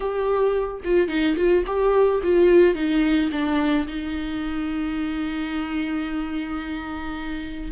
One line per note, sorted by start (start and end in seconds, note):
0.00 0.80 G4
0.84 1.08 F4
1.08 1.35 D#4
1.36 1.64 F4
1.66 2.21 G4
2.23 2.74 F4
2.74 3.30 D#4
3.31 3.86 D4
3.87 7.71 D#4